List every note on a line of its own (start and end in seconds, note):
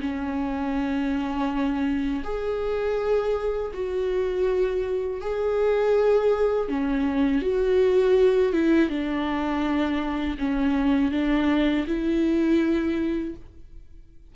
0.00 2.22 C#4
2.23 3.71 G#4
3.73 5.21 F#4
5.21 6.68 G#4
6.68 7.41 C#4
7.41 8.52 F#4
8.52 8.89 E4
8.89 10.37 D4
10.38 11.11 C#4
11.11 11.85 D4
11.87 13.35 E4